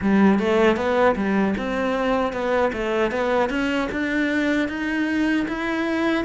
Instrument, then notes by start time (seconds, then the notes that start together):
cello
0.01 G3
0.39 A3
0.76 B3
1.15 G3
1.57 C4
2.32 B3
2.72 A3
3.11 B3
3.49 C#4
3.91 D4
4.68 D#4
5.48 E4